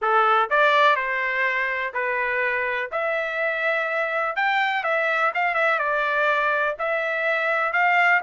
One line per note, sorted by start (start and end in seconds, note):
0.01 0.49 A4
0.50 0.96 D5
0.96 1.92 C5
1.93 2.90 B4
2.91 4.35 E5
4.35 4.83 G5
4.83 5.32 E5
5.34 5.54 F5
5.54 5.78 E5
5.78 6.75 D5
6.78 7.72 E5
7.72 8.21 F5